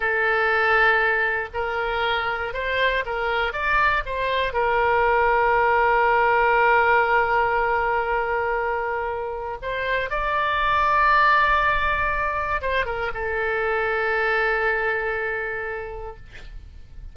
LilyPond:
\new Staff \with { instrumentName = "oboe" } { \time 4/4 \tempo 4 = 119 a'2. ais'4~ | ais'4 c''4 ais'4 d''4 | c''4 ais'2.~ | ais'1~ |
ais'2. c''4 | d''1~ | d''4 c''8 ais'8 a'2~ | a'1 | }